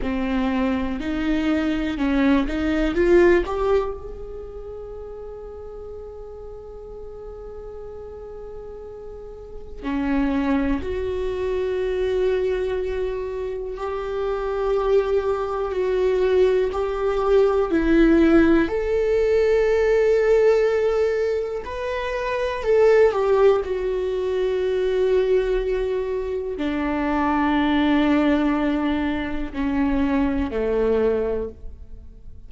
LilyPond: \new Staff \with { instrumentName = "viola" } { \time 4/4 \tempo 4 = 61 c'4 dis'4 cis'8 dis'8 f'8 g'8 | gis'1~ | gis'2 cis'4 fis'4~ | fis'2 g'2 |
fis'4 g'4 e'4 a'4~ | a'2 b'4 a'8 g'8 | fis'2. d'4~ | d'2 cis'4 a4 | }